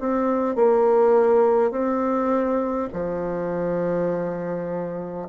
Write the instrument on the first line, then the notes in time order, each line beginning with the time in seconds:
bassoon
0.00 C4
0.56 A#3
1.72 C4
2.93 F3